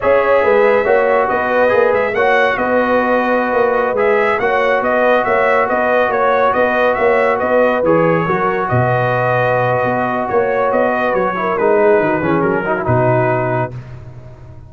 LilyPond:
<<
  \new Staff \with { instrumentName = "trumpet" } { \time 4/4 \tempo 4 = 140 e''2. dis''4~ | dis''8 e''8 fis''4 dis''2~ | dis''4~ dis''16 e''4 fis''4 dis''8.~ | dis''16 e''4 dis''4 cis''4 dis''8.~ |
dis''16 e''4 dis''4 cis''4.~ cis''16~ | cis''16 dis''2.~ dis''8. | cis''4 dis''4 cis''4 b'4~ | b'4 ais'4 b'2 | }
  \new Staff \with { instrumentName = "horn" } { \time 4/4 cis''4 b'4 cis''4 b'4~ | b'4 cis''4 b'2~ | b'2~ b'16 cis''4 b'8.~ | b'16 cis''4 b'4 cis''4 b'8.~ |
b'16 cis''4 b'2 ais'8.~ | ais'16 b'2.~ b'8. | cis''4. b'4 ais'4 gis'8 | fis'8 gis'4 fis'2~ fis'8 | }
  \new Staff \with { instrumentName = "trombone" } { \time 4/4 gis'2 fis'2 | gis'4 fis'2.~ | fis'4~ fis'16 gis'4 fis'4.~ fis'16~ | fis'1~ |
fis'2~ fis'16 gis'4 fis'8.~ | fis'1~ | fis'2~ fis'8 e'8 dis'4~ | dis'8 cis'4 dis'16 e'16 dis'2 | }
  \new Staff \with { instrumentName = "tuba" } { \time 4/4 cis'4 gis4 ais4 b4 | ais8 gis8 ais4 b2~ | b16 ais4 gis4 ais4 b8.~ | b16 ais4 b4 ais4 b8.~ |
b16 ais4 b4 e4 fis8.~ | fis16 b,2~ b,8. b4 | ais4 b4 fis4 gis4 | dis8 e8 fis4 b,2 | }
>>